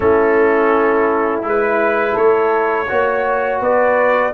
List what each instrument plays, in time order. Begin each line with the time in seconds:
0.00 tuba A3, trombone C#4, horn E4, trumpet A4
1.42 tuba G#3, trombone E4, trumpet B4
2.12 tuba A3, horn A4, trumpet C#5
2.88 tuba A#3, trombone F#4, horn C#5
3.61 tuba B3, horn B4, trumpet D5